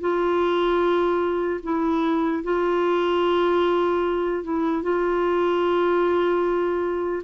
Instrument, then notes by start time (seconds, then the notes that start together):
clarinet
0.00 F4
1.63 E4
2.43 F4
4.43 E4
4.83 F4